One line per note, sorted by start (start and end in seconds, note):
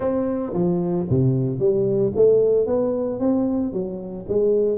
0.00 0.53 C4
0.53 1.06 F3
1.09 1.59 C3
1.59 2.12 G3
2.15 2.66 A3
2.66 3.19 B3
3.19 3.72 C4
3.72 4.26 F#3
4.28 4.78 G#3